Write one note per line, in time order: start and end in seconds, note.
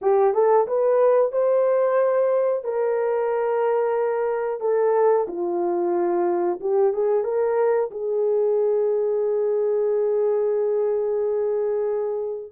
0.01 0.34 G4
0.34 0.67 A4
0.67 1.32 B4
1.32 2.64 C5
2.64 4.60 A#4
4.60 5.26 A4
5.27 6.59 F4
6.60 6.93 G4
6.93 7.23 G#4
7.23 7.89 A#4
7.91 12.52 G#4